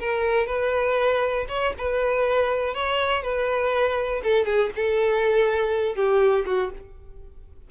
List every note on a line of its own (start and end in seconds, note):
0.00 0.47 A#4
0.47 1.46 B4
1.49 1.74 C#5
1.78 2.75 B4
2.75 3.23 C#5
3.23 4.22 B4
4.24 4.46 A4
4.46 4.70 G#4
4.76 5.95 A4
5.95 6.45 G4
6.46 6.71 F#4